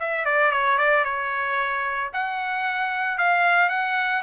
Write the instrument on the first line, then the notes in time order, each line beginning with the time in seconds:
trumpet
0.00 E5
0.26 D5
0.52 C#5
0.78 D5
1.05 C#5
2.14 F#5
3.19 F5
3.70 F#5